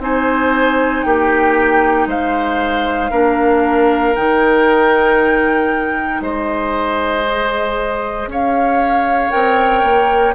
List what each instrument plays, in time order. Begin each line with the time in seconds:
0.00 bassoon C4, clarinet D#4, oboe C5, flute G#5
1.03 bassoon A#3, oboe G4, flute G5
2.07 bassoon G#3, oboe C5, flute F5
3.11 bassoon A#3, clarinet D4, oboe A#4
4.16 bassoon D#3, clarinet D#4, flute G5
6.21 bassoon G#3, oboe C5, flute D#5
7.25 clarinet G#4
8.27 bassoon C#4, oboe C#5, flute F5
9.31 bassoon C4, clarinet A#4, flute G5
9.83 bassoon A#3